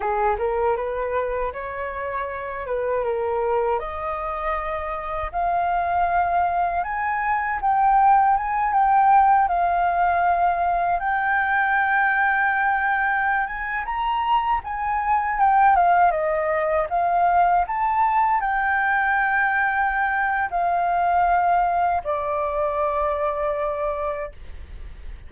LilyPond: \new Staff \with { instrumentName = "flute" } { \time 4/4 \tempo 4 = 79 gis'8 ais'8 b'4 cis''4. b'8 | ais'4 dis''2 f''4~ | f''4 gis''4 g''4 gis''8 g''8~ | g''8 f''2 g''4.~ |
g''4.~ g''16 gis''8 ais''4 gis''8.~ | gis''16 g''8 f''8 dis''4 f''4 a''8.~ | a''16 g''2~ g''8. f''4~ | f''4 d''2. | }